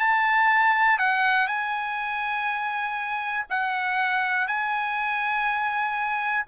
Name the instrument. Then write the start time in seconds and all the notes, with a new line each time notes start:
trumpet
0.00 A5
0.99 F#5
1.48 G#5
3.50 F#5
4.48 G#5